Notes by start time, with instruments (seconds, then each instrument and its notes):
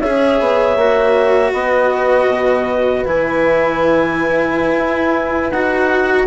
0.00 bassoon C#4, cello G#4, horn C#5, clarinet E5
0.39 bassoon B3
0.76 bassoon A#3, cello F#4
1.53 bassoon B3, horn B4, clarinet D#5
2.27 bassoon B2
3.05 bassoon E3, cello E4, clarinet G#5
4.77 bassoon E4
5.51 bassoon D#4, cello F#4, clarinet F#5